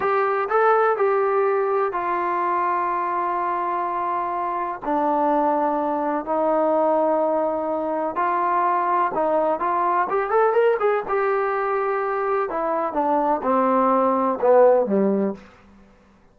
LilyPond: \new Staff \with { instrumentName = "trombone" } { \time 4/4 \tempo 4 = 125 g'4 a'4 g'2 | f'1~ | f'2 d'2~ | d'4 dis'2.~ |
dis'4 f'2 dis'4 | f'4 g'8 a'8 ais'8 gis'8 g'4~ | g'2 e'4 d'4 | c'2 b4 g4 | }